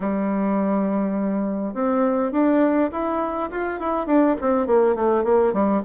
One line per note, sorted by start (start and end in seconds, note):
0.00 1.73 G3
1.73 2.31 C4
2.31 2.90 D4
2.91 3.49 E4
3.50 3.79 F4
3.79 4.06 E4
4.06 4.35 D4
4.41 4.67 C4
4.67 4.95 A#3
4.95 5.24 A3
5.24 5.53 A#3
5.53 5.82 G3